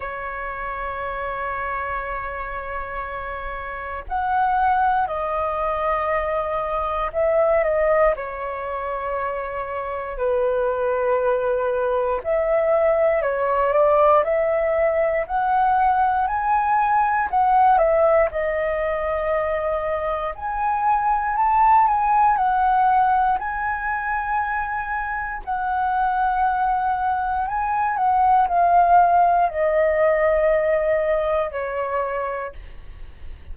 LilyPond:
\new Staff \with { instrumentName = "flute" } { \time 4/4 \tempo 4 = 59 cis''1 | fis''4 dis''2 e''8 dis''8 | cis''2 b'2 | e''4 cis''8 d''8 e''4 fis''4 |
gis''4 fis''8 e''8 dis''2 | gis''4 a''8 gis''8 fis''4 gis''4~ | gis''4 fis''2 gis''8 fis''8 | f''4 dis''2 cis''4 | }